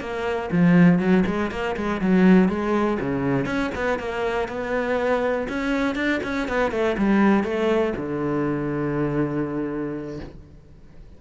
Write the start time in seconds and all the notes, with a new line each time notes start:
0.00 A#3
0.52 F3
0.99 F#3
1.26 G#3
1.51 A#3
1.76 G#3
2.01 F#3
2.49 G#3
3.00 C#3
3.46 C#4
3.75 B3
3.99 A#3
4.48 B3
5.49 C#4
5.95 D4
6.23 C#4
6.48 B3
6.71 A3
6.98 G3
7.44 A3
7.97 D3